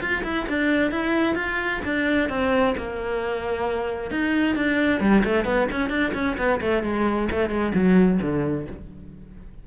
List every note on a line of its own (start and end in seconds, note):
0.00 0.23 F4
0.23 0.46 E4
0.48 0.91 D4
0.91 1.35 E4
1.35 1.81 F4
1.85 2.29 D4
2.29 2.74 C4
2.77 4.11 A#3
4.11 4.56 D#4
4.56 5.00 D4
5.00 5.23 G3
5.24 5.45 A3
5.45 5.67 B3
5.71 5.89 C#4
5.89 6.12 D4
6.14 6.37 C#4
6.37 6.60 B3
6.60 6.83 A3
6.83 7.28 G#3
7.31 7.49 A3
7.49 7.72 G#3
7.74 8.19 F#3
8.21 8.67 D3